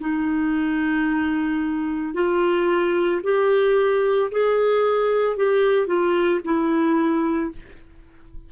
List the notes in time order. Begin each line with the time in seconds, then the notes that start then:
0.00 D#4
2.14 F4
3.23 G4
4.31 G#4
5.37 G4
5.87 F4
6.44 E4